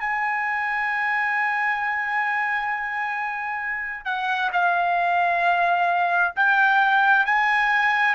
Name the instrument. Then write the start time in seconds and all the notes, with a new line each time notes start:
trumpet
0.00 G#5
4.05 F#5
4.52 F5
6.36 G5
7.26 G#5